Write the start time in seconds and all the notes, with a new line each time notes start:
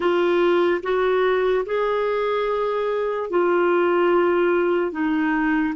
0.00 F4
0.82 F#4
1.65 G#4
3.30 F4
4.91 D#4